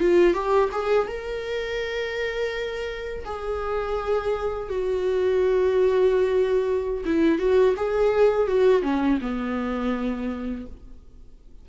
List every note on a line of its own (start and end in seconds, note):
0.00 0.34 F4
0.34 0.70 G4
0.72 1.08 G#4
1.08 3.25 A#4
3.25 4.69 G#4
4.69 7.04 F#4
7.05 7.38 E4
7.38 7.74 F#4
7.76 8.47 G#4
8.47 8.83 F#4
8.83 9.19 C#4
9.21 10.66 B3